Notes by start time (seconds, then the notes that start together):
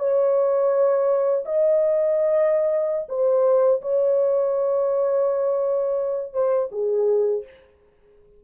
0.00 C#5
1.46 D#5
3.09 C5
3.82 C#5
6.34 C5
6.72 G#4